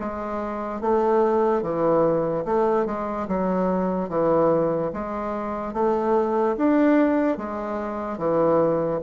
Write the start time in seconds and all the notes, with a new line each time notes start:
0.00 G#3
0.81 A3
1.63 E3
2.45 A3
2.86 G#3
3.28 F#3
4.09 E3
4.93 G#3
5.74 A3
6.58 D4
7.37 G#3
8.18 E3